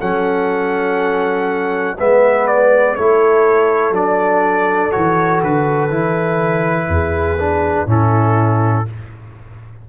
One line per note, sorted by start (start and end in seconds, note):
0.00 1.98 F#3
0.00 1.97 C#4
0.00 1.97 A4
0.00 1.97 F#5
1.98 2.97 G#3
1.98 2.97 B3
1.98 2.96 B4
1.98 2.47 E5
2.47 2.95 D5
2.95 3.91 A3
2.95 3.93 E4
2.95 6.89 A4
2.95 3.94 C#5
3.91 4.89 F#3
3.91 4.91 D4
3.91 4.91 D5
4.91 5.42 E3
4.91 5.89 F#4
4.91 5.41 C#5
5.42 5.89 D3
5.42 7.89 B4
5.89 6.88 E3
5.89 7.38 E4
6.88 7.86 E2
6.88 7.87 G#4
7.39 7.87 D4
7.86 8.85 A2
7.86 8.85 C#4
7.86 8.85 E4
7.86 8.89 A4